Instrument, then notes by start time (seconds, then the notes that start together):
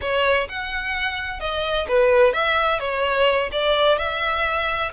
violin
0.01 C#5
0.48 F#5
1.40 D#5
1.88 B4
2.33 E5
2.79 C#5
3.52 D5
3.98 E5